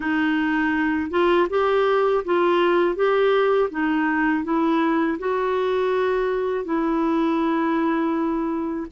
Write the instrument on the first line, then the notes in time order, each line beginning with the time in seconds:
clarinet
0.00 D#4
1.10 F4
1.49 G4
2.24 F4
2.95 G4
3.70 D#4
4.44 E4
5.18 F#4
6.64 E4